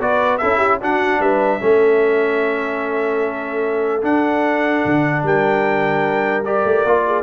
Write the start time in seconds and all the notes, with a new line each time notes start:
0.00 B3 F#4 B4 D5
0.38 C#4 E4 A4 E5
0.58 G4
0.81 D4 F#4 F#5
1.20 G3 B4 E5
1.60 A3 C#4 A4
4.02 D4 F#5
4.86 D3
5.24 G3 A#4 G5
6.45 G4 D5
6.65 A3
6.85 A#3 F4
7.07 G#4